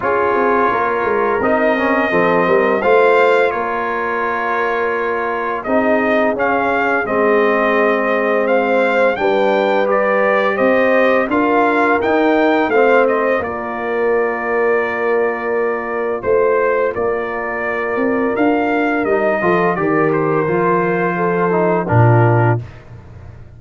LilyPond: <<
  \new Staff \with { instrumentName = "trumpet" } { \time 4/4 \tempo 4 = 85 cis''2 dis''2 | f''4 cis''2. | dis''4 f''4 dis''2 | f''4 g''4 d''4 dis''4 |
f''4 g''4 f''8 dis''8 d''4~ | d''2. c''4 | d''2 f''4 dis''4 | d''8 c''2~ c''8 ais'4 | }
  \new Staff \with { instrumentName = "horn" } { \time 4/4 gis'4 ais'2 a'8 ais'8 | c''4 ais'2. | gis'1 | c''4 b'2 c''4 |
ais'2 c''4 ais'4~ | ais'2. c''4 | ais'2.~ ais'8 a'8 | ais'2 a'4 f'4 | }
  \new Staff \with { instrumentName = "trombone" } { \time 4/4 f'2 dis'8 cis'8 c'4 | f'1 | dis'4 cis'4 c'2~ | c'4 d'4 g'2 |
f'4 dis'4 c'4 f'4~ | f'1~ | f'2. dis'8 f'8 | g'4 f'4. dis'8 d'4 | }
  \new Staff \with { instrumentName = "tuba" } { \time 4/4 cis'8 c'8 ais8 gis8 c'4 f8 g8 | a4 ais2. | c'4 cis'4 gis2~ | gis4 g2 c'4 |
d'4 dis'4 a4 ais4~ | ais2. a4 | ais4. c'8 d'4 g8 f8 | dis4 f2 ais,4 | }
>>